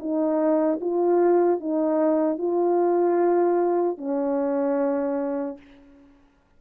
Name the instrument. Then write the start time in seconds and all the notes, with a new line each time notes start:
horn
0.00 D#4
0.81 F4
1.60 D#4
2.39 F4
3.98 C#4